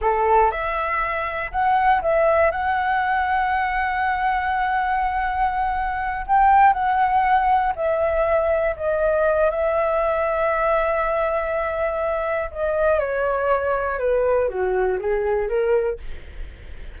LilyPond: \new Staff \with { instrumentName = "flute" } { \time 4/4 \tempo 4 = 120 a'4 e''2 fis''4 | e''4 fis''2.~ | fis''1~ | fis''8 g''4 fis''2 e''8~ |
e''4. dis''4. e''4~ | e''1~ | e''4 dis''4 cis''2 | b'4 fis'4 gis'4 ais'4 | }